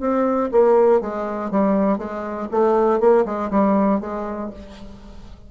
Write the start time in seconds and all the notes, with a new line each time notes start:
0.00 C4
0.52 A#3
1.00 G#3
1.50 G3
1.98 G#3
2.51 A3
3.00 A#3
3.25 G#3
3.50 G3
4.00 G#3